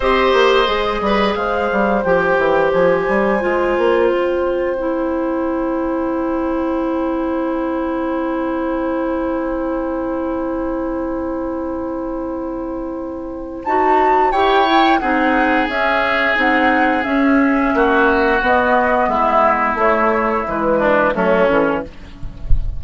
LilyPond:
<<
  \new Staff \with { instrumentName = "flute" } { \time 4/4 \tempo 4 = 88 dis''2 f''4 g''4 | gis''2 g''2~ | g''1~ | g''1~ |
g''1 | a''4 g''4 fis''4 e''4 | fis''4 e''2 dis''4 | e''4 cis''4 b'4 a'4 | }
  \new Staff \with { instrumentName = "oboe" } { \time 4/4 c''4. b'8 c''2~ | c''1~ | c''1~ | c''1~ |
c''1~ | c''4 cis''4 gis'2~ | gis'2 fis'2 | e'2~ e'8 d'8 cis'4 | }
  \new Staff \with { instrumentName = "clarinet" } { \time 4/4 g'4 gis'2 g'4~ | g'4 f'2 e'4~ | e'1~ | e'1~ |
e'1 | fis'4 g'8 e'8 dis'4 cis'4 | dis'4 cis'2 b4~ | b4 a4 gis4 a8 cis'8 | }
  \new Staff \with { instrumentName = "bassoon" } { \time 4/4 c'8 ais8 gis8 g8 gis8 g8 f8 e8 | f8 g8 gis8 ais8 c'2~ | c'1~ | c'1~ |
c'1 | dis'4 e'4 c'4 cis'4 | c'4 cis'4 ais4 b4 | gis4 a4 e4 fis8 e8 | }
>>